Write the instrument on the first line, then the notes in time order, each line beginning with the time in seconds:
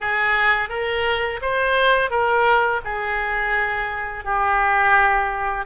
oboe
0.01 G#4
0.69 A#4
1.41 C5
2.10 A#4
2.84 G#4
4.24 G4